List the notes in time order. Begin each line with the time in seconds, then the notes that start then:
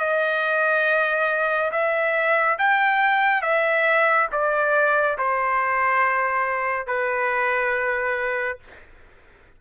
0.00 D#5
1.72 E5
2.59 G5
3.42 E5
4.32 D5
5.19 C5
6.87 B4